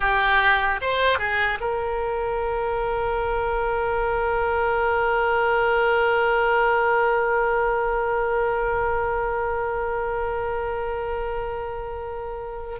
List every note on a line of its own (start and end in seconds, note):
0.00 0.80 G4
0.81 1.18 C5
1.18 1.58 G#4
1.60 12.79 A#4